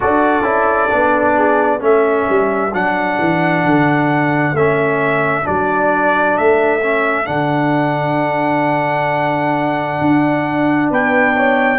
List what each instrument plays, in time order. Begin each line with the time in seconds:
0.00 tuba D4, trombone F#4, horn A4, trumpet D5
0.42 tuba C#4, trombone E4
0.90 tuba B3, trombone D4
1.36 horn G#4
1.79 tuba A3, trombone C#4, horn A4, trumpet E5
2.29 tuba G3
2.73 tuba F#3, trombone D4, trumpet F#5
3.19 tuba E3
3.65 tuba D3
4.52 tuba A3, trombone C#4, trumpet E5
5.43 tuba F#3, trombone D4, trumpet D5
6.37 tuba A3, trumpet E5
6.82 trombone C#4
7.24 tuba D3, trombone D4, trumpet F#5
10.00 tuba D4
10.90 tuba B3, horn B4, trumpet G5
11.36 horn C#5